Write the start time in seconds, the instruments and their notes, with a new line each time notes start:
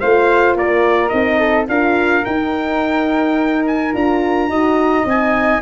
0.00 tuba A3, horn F4, flute C5, trumpet F5
0.55 tuba A#3, flute A#4, trumpet D5
1.09 tuba C4, horn D#4, trumpet D#5
1.38 flute A4
1.68 tuba D4, horn F4, flute A#4, trumpet F5
2.25 horn D#4, tuba D#4, trumpet G5
3.66 trumpet G#5
3.92 tuba D4, horn F4, trumpet A#5
4.48 tuba D#4, horn F#4, flute D#5
5.05 tuba C4, horn D#4, trumpet G#5